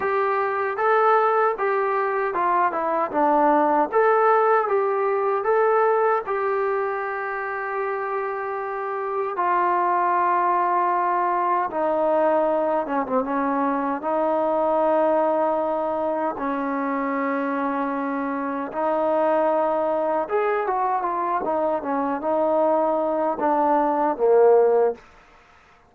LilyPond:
\new Staff \with { instrumentName = "trombone" } { \time 4/4 \tempo 4 = 77 g'4 a'4 g'4 f'8 e'8 | d'4 a'4 g'4 a'4 | g'1 | f'2. dis'4~ |
dis'8 cis'16 c'16 cis'4 dis'2~ | dis'4 cis'2. | dis'2 gis'8 fis'8 f'8 dis'8 | cis'8 dis'4. d'4 ais4 | }